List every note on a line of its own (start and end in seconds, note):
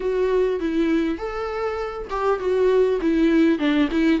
0.00 0.59 F#4
0.59 1.18 E4
1.18 2.08 A4
2.10 2.39 G4
2.39 2.99 F#4
3.01 3.58 E4
3.58 3.88 D4
3.91 4.20 E4